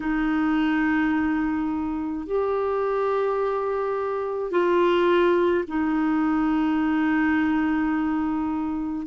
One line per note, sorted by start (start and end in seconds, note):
0.00 2.26 D#4
2.26 4.51 G4
4.51 5.64 F4
5.67 9.06 D#4